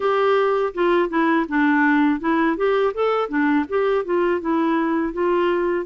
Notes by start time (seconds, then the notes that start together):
0.00 G4
0.74 F4
1.09 E4
1.48 D4
2.20 E4
2.56 G4
2.94 A4
3.28 D4
3.69 G4
4.04 F4
4.40 E4
5.13 F4